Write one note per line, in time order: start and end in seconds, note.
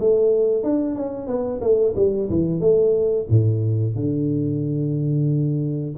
0.00 0.63 A3
0.63 0.95 D4
0.95 1.27 C#4
1.27 1.60 B3
1.61 1.94 A3
1.96 2.29 G3
2.30 2.60 E3
2.60 3.27 A3
3.29 3.95 A2
3.95 5.95 D3